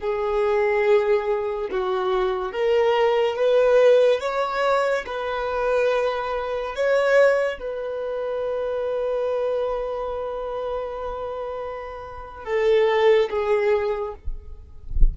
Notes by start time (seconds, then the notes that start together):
0.00 G#4
1.71 F#4
2.52 A#4
3.36 B4
4.20 C#5
5.06 B4
6.75 C#5
7.59 B4
12.44 A4
13.29 G#4